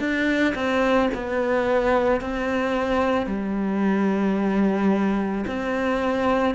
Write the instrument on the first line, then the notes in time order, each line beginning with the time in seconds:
cello
0.00 D4
0.55 C4
1.15 B3
2.21 C4
3.27 G3
5.47 C4